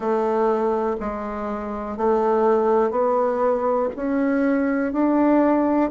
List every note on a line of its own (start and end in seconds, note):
0.00 0.96 A3
1.00 1.97 G#3
1.97 2.91 A3
2.91 3.89 B3
3.96 4.92 C#4
4.92 5.90 D4